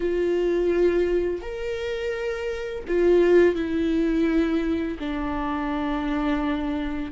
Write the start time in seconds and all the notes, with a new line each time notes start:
0.00 F4
1.41 A#4
2.87 F4
3.55 E4
4.99 D4